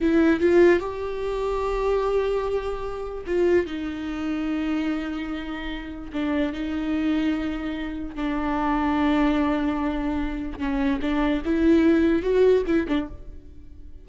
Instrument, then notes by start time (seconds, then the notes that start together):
viola
0.00 E4
0.40 F4
0.79 G4
3.26 F4
3.66 D#4
6.12 D4
6.53 D#4
8.15 D4
10.58 C#4
11.01 D4
11.45 E4
12.22 F#4
12.66 E4
12.88 D4